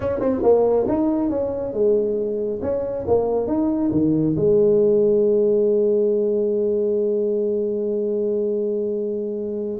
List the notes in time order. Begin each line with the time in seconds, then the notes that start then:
0.00 C#4
0.20 C4
0.42 A#3
0.88 D#4
1.29 C#4
1.73 G#3
2.61 C#4
3.07 A#3
3.47 D#4
3.91 D#3
4.36 G#3